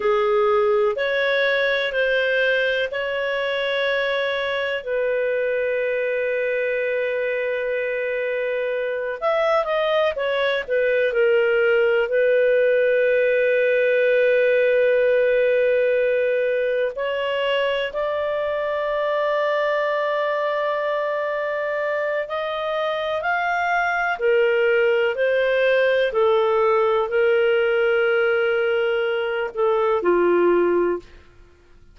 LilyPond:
\new Staff \with { instrumentName = "clarinet" } { \time 4/4 \tempo 4 = 62 gis'4 cis''4 c''4 cis''4~ | cis''4 b'2.~ | b'4. e''8 dis''8 cis''8 b'8 ais'8~ | ais'8 b'2.~ b'8~ |
b'4. cis''4 d''4.~ | d''2. dis''4 | f''4 ais'4 c''4 a'4 | ais'2~ ais'8 a'8 f'4 | }